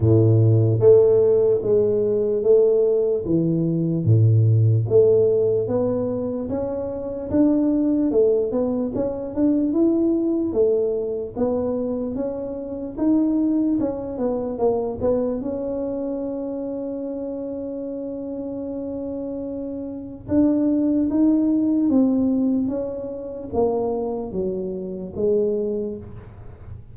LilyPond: \new Staff \with { instrumentName = "tuba" } { \time 4/4 \tempo 4 = 74 a,4 a4 gis4 a4 | e4 a,4 a4 b4 | cis'4 d'4 a8 b8 cis'8 d'8 | e'4 a4 b4 cis'4 |
dis'4 cis'8 b8 ais8 b8 cis'4~ | cis'1~ | cis'4 d'4 dis'4 c'4 | cis'4 ais4 fis4 gis4 | }